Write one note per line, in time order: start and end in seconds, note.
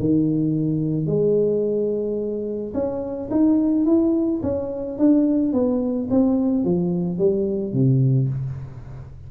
0.00 1.07 D#3
1.07 2.73 G#3
2.74 3.30 C#4
3.31 3.86 D#4
3.86 4.41 E4
4.43 4.99 C#4
4.99 5.53 D4
5.53 6.09 B3
6.11 6.65 C4
6.65 7.19 F3
7.19 7.74 G3
7.74 8.29 C3